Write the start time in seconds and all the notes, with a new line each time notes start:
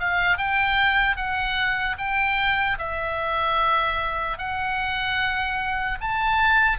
0.00 F5
0.38 G5
1.17 F#5
1.99 G5
2.79 E5
4.39 F#5
6.01 A5